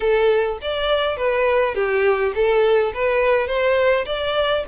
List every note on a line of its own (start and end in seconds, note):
0.00 0.58 A4
0.61 1.16 D5
1.16 1.74 B4
1.74 2.32 G4
2.34 2.93 A4
2.94 3.47 B4
3.47 4.05 C5
4.05 4.64 D5